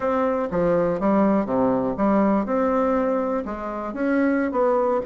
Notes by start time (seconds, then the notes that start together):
0.00 C4
0.50 F3
0.99 G3
1.45 C3
1.97 G3
2.45 C4
3.45 G#3
3.93 C#4
4.51 B3